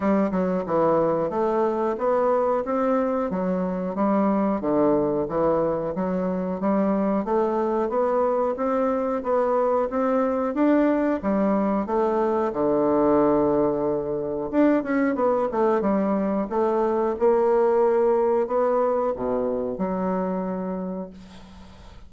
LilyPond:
\new Staff \with { instrumentName = "bassoon" } { \time 4/4 \tempo 4 = 91 g8 fis8 e4 a4 b4 | c'4 fis4 g4 d4 | e4 fis4 g4 a4 | b4 c'4 b4 c'4 |
d'4 g4 a4 d4~ | d2 d'8 cis'8 b8 a8 | g4 a4 ais2 | b4 b,4 fis2 | }